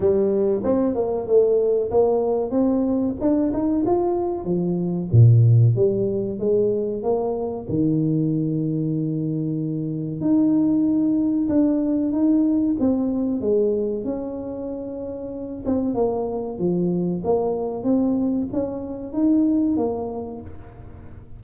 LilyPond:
\new Staff \with { instrumentName = "tuba" } { \time 4/4 \tempo 4 = 94 g4 c'8 ais8 a4 ais4 | c'4 d'8 dis'8 f'4 f4 | ais,4 g4 gis4 ais4 | dis1 |
dis'2 d'4 dis'4 | c'4 gis4 cis'2~ | cis'8 c'8 ais4 f4 ais4 | c'4 cis'4 dis'4 ais4 | }